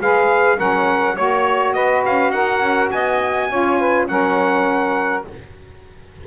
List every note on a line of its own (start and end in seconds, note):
0.00 0.58 G#3
0.00 0.57 G#4
0.00 0.57 B4
0.00 0.59 F5
0.57 1.17 F#3
0.57 1.15 C#4
0.57 1.14 A#4
0.57 1.16 F#5
1.14 1.75 A#3
1.14 3.49 F#4
1.14 1.73 C#5
1.73 2.05 B3
1.73 2.33 B4
1.73 2.02 D#5
2.05 2.30 C#4
2.05 2.31 F5
2.30 2.59 D#4
2.30 2.91 A#4
2.30 2.89 F#5
2.60 2.89 C#4
2.90 3.49 B3
2.90 3.49 D#5
2.90 4.07 G#5
3.49 4.08 C#4
3.49 4.07 F4
3.49 3.78 C#5
3.78 4.07 B4
4.07 5.24 F#3
4.07 5.24 C#4
4.07 5.26 A#4
4.07 5.24 F#5